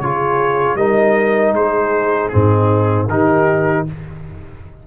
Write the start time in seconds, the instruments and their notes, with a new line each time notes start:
0.00 tuba C#3, trombone F4, horn G#4, trumpet C#5
0.75 tuba G3, trombone D#4, horn A#4, trumpet D#5
1.52 tuba G#3, horn G#4, trumpet C5
2.29 tuba G#2, trombone C4, horn D#4, trumpet G#4
3.08 tuba D#3, trombone D#4, horn G4, trumpet A#4